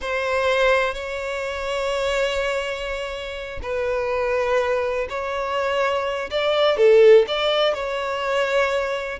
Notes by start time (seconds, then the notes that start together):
0.01 C5
0.93 C#5
3.62 B4
5.09 C#5
6.30 D5
6.77 A4
7.27 D5
7.74 C#5